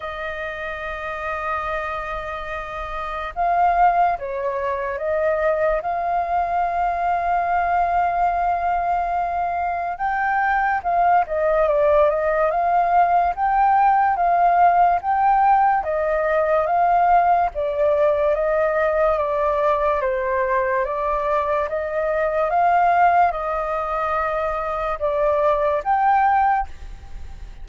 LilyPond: \new Staff \with { instrumentName = "flute" } { \time 4/4 \tempo 4 = 72 dis''1 | f''4 cis''4 dis''4 f''4~ | f''1 | g''4 f''8 dis''8 d''8 dis''8 f''4 |
g''4 f''4 g''4 dis''4 | f''4 d''4 dis''4 d''4 | c''4 d''4 dis''4 f''4 | dis''2 d''4 g''4 | }